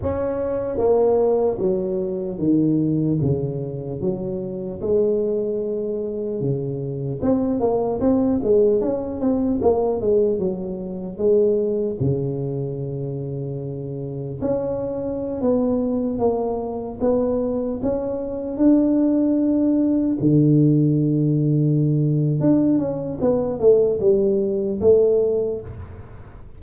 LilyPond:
\new Staff \with { instrumentName = "tuba" } { \time 4/4 \tempo 4 = 75 cis'4 ais4 fis4 dis4 | cis4 fis4 gis2 | cis4 c'8 ais8 c'8 gis8 cis'8 c'8 | ais8 gis8 fis4 gis4 cis4~ |
cis2 cis'4~ cis'16 b8.~ | b16 ais4 b4 cis'4 d'8.~ | d'4~ d'16 d2~ d8. | d'8 cis'8 b8 a8 g4 a4 | }